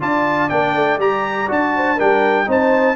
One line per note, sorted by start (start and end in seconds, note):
0.00 0.50 D4
0.00 0.49 F4
0.00 1.72 D5
0.00 0.49 A5
0.49 0.74 A#3
0.49 0.99 D4
0.49 0.98 G5
0.74 0.98 A3
0.98 1.47 G3
0.98 1.48 G4
0.98 1.49 A#5
1.48 1.98 D4
1.48 1.97 F#4
1.48 1.99 A5
1.76 1.96 C5
1.96 2.47 G3
1.96 2.46 D4
1.96 2.45 A#4
1.96 2.49 G5
2.46 2.95 C4
2.46 2.95 D#4
2.46 2.95 C5
2.46 2.95 A5